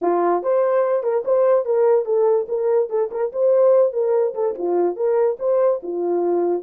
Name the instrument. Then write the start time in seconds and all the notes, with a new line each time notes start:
horn
0.01 F4
0.43 C5
1.03 A#4
1.25 C5
1.65 A#4
2.05 A4
2.48 A#4
2.89 A4
3.11 A#4
3.32 C5
3.92 A#4
4.34 A4
4.58 F4
4.96 A#4
5.39 C5
5.82 F4